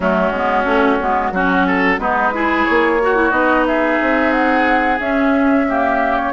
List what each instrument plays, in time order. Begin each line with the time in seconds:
0.00 bassoon F#3, clarinet A3, oboe C#4, flute F#4
0.30 bassoon G#3, clarinet B3
0.64 bassoon A3, clarinet C#4
0.99 bassoon G#3, clarinet B3
1.31 bassoon F#3, clarinet C#4, oboe F#4
1.66 oboe A4
1.98 bassoon G#3, clarinet B3, oboe D#4, flute B4
2.32 clarinet E4, oboe G#4
2.65 bassoon A#3, flute C#5
3.01 clarinet F#4, oboe F#4
3.15 clarinet E4
3.30 bassoon B3, clarinet D#4, flute D#5
3.66 oboe G#4, flute E5
4.01 bassoon C4
4.32 flute F#5
4.99 bassoon C#4, clarinet C#4, flute E5
5.68 clarinet A#3, oboe G4
6.16 flute C#5